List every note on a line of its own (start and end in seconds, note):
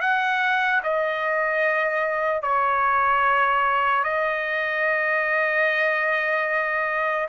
0.00 0.81 F#5
0.83 2.42 D#5
2.42 4.03 C#5
4.03 7.28 D#5